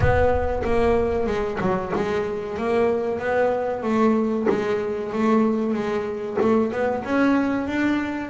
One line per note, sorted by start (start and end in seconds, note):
0.00 0.62 B3
0.64 1.26 A#3
1.26 1.58 G#3
1.60 1.92 F#3
1.95 2.57 G#3
2.57 3.19 A#3
3.19 3.82 B3
3.82 4.46 A3
4.49 5.12 G#3
5.12 5.73 A3
5.73 6.37 G#3
6.41 6.71 A3
6.71 7.03 B3
7.04 7.67 C#4
7.67 8.29 D4